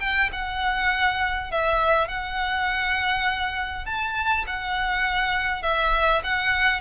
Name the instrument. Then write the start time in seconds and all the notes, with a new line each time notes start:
violin
0.00 G5
0.32 F#5
1.51 E5
2.08 F#5
3.85 A5
4.47 F#5
5.62 E5
6.23 F#5